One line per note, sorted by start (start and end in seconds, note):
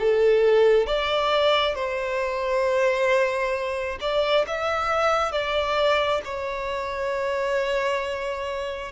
0.00 0.87 A4
0.87 1.75 D5
1.75 3.99 C5
4.01 4.46 D5
4.47 5.32 E5
5.32 6.22 D5
6.25 8.92 C#5